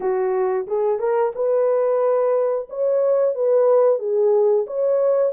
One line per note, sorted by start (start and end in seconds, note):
0.00 0.66 F#4
0.67 0.99 G#4
0.99 1.32 A#4
1.35 2.68 B4
2.69 3.34 C#5
3.34 3.98 B4
3.98 4.65 G#4
4.66 5.32 C#5